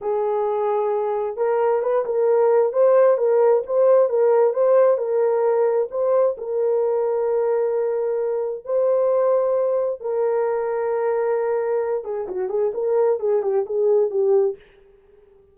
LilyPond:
\new Staff \with { instrumentName = "horn" } { \time 4/4 \tempo 4 = 132 gis'2. ais'4 | b'8 ais'4. c''4 ais'4 | c''4 ais'4 c''4 ais'4~ | ais'4 c''4 ais'2~ |
ais'2. c''4~ | c''2 ais'2~ | ais'2~ ais'8 gis'8 fis'8 gis'8 | ais'4 gis'8 g'8 gis'4 g'4 | }